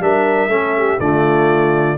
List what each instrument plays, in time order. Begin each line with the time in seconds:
0.00 tuba G3, trombone D4, horn A#4, trumpet E5
0.48 tuba A3, trombone C#4, horn A4
0.77 horn G4
0.99 tuba D3, trombone A3, horn F4, trumpet D5